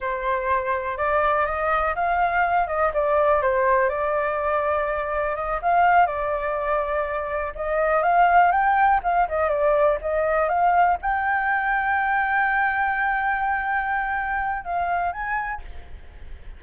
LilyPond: \new Staff \with { instrumentName = "flute" } { \time 4/4 \tempo 4 = 123 c''2 d''4 dis''4 | f''4. dis''8 d''4 c''4 | d''2. dis''8 f''8~ | f''8 d''2. dis''8~ |
dis''8 f''4 g''4 f''8 dis''8 d''8~ | d''8 dis''4 f''4 g''4.~ | g''1~ | g''2 f''4 gis''4 | }